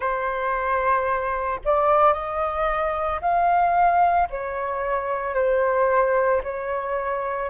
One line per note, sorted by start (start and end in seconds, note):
0.00 1.59 C5
1.65 2.13 D5
2.13 3.20 D#5
3.21 4.28 F5
4.30 5.34 C#5
5.34 6.41 C5
6.43 7.49 C#5